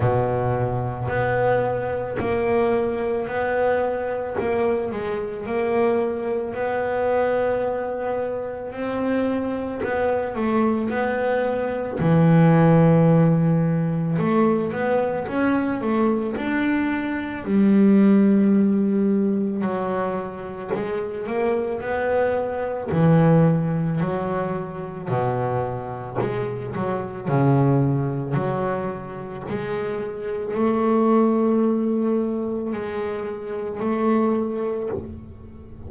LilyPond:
\new Staff \with { instrumentName = "double bass" } { \time 4/4 \tempo 4 = 55 b,4 b4 ais4 b4 | ais8 gis8 ais4 b2 | c'4 b8 a8 b4 e4~ | e4 a8 b8 cis'8 a8 d'4 |
g2 fis4 gis8 ais8 | b4 e4 fis4 b,4 | gis8 fis8 cis4 fis4 gis4 | a2 gis4 a4 | }